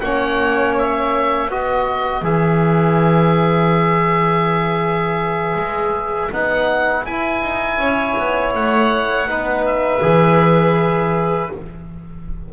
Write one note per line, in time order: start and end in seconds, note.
0.00 1.48 A#3
0.00 1.50 C#4
0.00 1.51 C#5
0.00 0.74 F#5
0.78 1.51 E5
1.48 2.22 B3
1.48 2.23 F#4
1.48 7.81 B4
1.48 2.25 D#5
2.22 5.55 E3
2.22 6.31 G#4
2.22 6.32 E5
5.56 6.30 G#3
6.31 7.05 B3
6.31 7.06 D#4
6.31 7.05 F#5
7.05 7.42 E4
7.05 9.27 E4
7.05 8.53 G#5
7.42 7.77 D#4
7.77 8.14 C#4
7.77 9.29 C#5
8.18 8.54 B3
8.54 9.26 A3
8.54 9.66 F#5
9.26 10.00 B3
9.26 10.01 D#4
9.26 11.52 B4
9.66 11.51 E5
10.01 11.50 E3
10.01 11.50 G#4